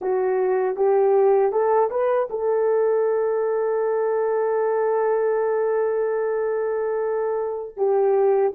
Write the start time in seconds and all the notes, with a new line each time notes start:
0.01 F#4
0.76 G4
1.52 A4
1.90 B4
2.30 A4
7.76 G4